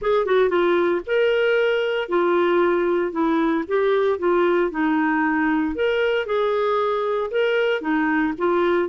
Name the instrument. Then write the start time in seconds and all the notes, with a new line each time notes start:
clarinet
0.01 G#4
0.25 F#4
0.49 F4
1.06 A#4
2.08 F4
3.12 E4
3.67 G4
4.19 F4
4.71 D#4
5.75 A#4
6.26 G#4
7.30 A#4
7.81 D#4
8.38 F4